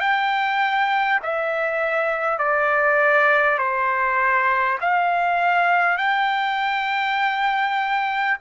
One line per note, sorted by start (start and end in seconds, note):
0.00 1.20 G5
1.22 2.38 E5
2.38 3.58 D5
3.58 4.78 C5
4.81 5.97 F5
5.97 8.37 G5